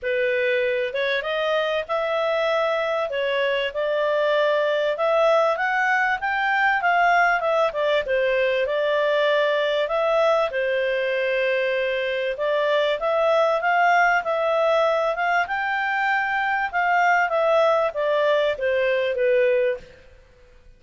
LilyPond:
\new Staff \with { instrumentName = "clarinet" } { \time 4/4 \tempo 4 = 97 b'4. cis''8 dis''4 e''4~ | e''4 cis''4 d''2 | e''4 fis''4 g''4 f''4 | e''8 d''8 c''4 d''2 |
e''4 c''2. | d''4 e''4 f''4 e''4~ | e''8 f''8 g''2 f''4 | e''4 d''4 c''4 b'4 | }